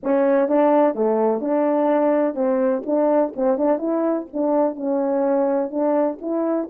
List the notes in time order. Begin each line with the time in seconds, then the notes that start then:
0.03 C#4
0.48 D4
0.94 A3
1.40 D4
2.34 C4
2.85 D4
3.36 C4
3.57 D4
3.78 E4
4.33 D4
4.75 C#4
5.70 D4
6.21 E4